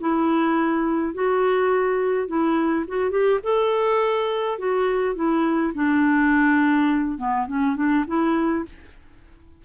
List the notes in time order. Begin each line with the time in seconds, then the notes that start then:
0.00 E4
1.14 F#4
2.28 E4
2.88 F#4
3.11 G4
3.44 A4
4.59 F#4
5.15 E4
5.74 D4
7.18 B3
7.47 C#4
7.76 D4
8.07 E4